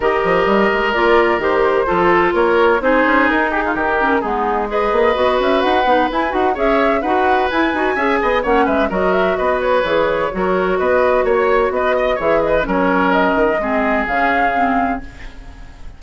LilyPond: <<
  \new Staff \with { instrumentName = "flute" } { \time 4/4 \tempo 4 = 128 dis''2 d''4 c''4~ | c''4 cis''4 c''4 ais'8 gis'8 | ais'4 gis'4 dis''4. e''8 | fis''4 gis''8 fis''8 e''4 fis''4 |
gis''2 fis''8 e''8 dis''8 e''8 | dis''8 cis''2~ cis''8 dis''4 | cis''4 dis''4 e''8 dis''8 cis''4 | dis''2 f''2 | }
  \new Staff \with { instrumentName = "oboe" } { \time 4/4 ais'1 | a'4 ais'4 gis'4. g'16 f'16 | g'4 dis'4 b'2~ | b'2 cis''4 b'4~ |
b'4 e''8 dis''8 cis''8 b'8 ais'4 | b'2 ais'4 b'4 | cis''4 b'8 dis''8 cis''8 b'8 ais'4~ | ais'4 gis'2. | }
  \new Staff \with { instrumentName = "clarinet" } { \time 4/4 g'2 f'4 g'4 | f'2 dis'2~ | dis'8 cis'8 b4 gis'4 fis'4~ | fis'8 dis'8 e'8 fis'8 gis'4 fis'4 |
e'8 fis'8 gis'4 cis'4 fis'4~ | fis'4 gis'4 fis'2~ | fis'2 gis'4 cis'4~ | cis'4 c'4 cis'4 c'4 | }
  \new Staff \with { instrumentName = "bassoon" } { \time 4/4 dis8 f8 g8 gis8 ais4 dis4 | f4 ais4 c'8 cis'8 dis'4 | dis4 gis4. ais8 b8 cis'8 | dis'8 b8 e'8 dis'8 cis'4 dis'4 |
e'8 dis'8 cis'8 b8 ais8 gis8 fis4 | b4 e4 fis4 b4 | ais4 b4 e4 fis4~ | fis8 dis8 gis4 cis2 | }
>>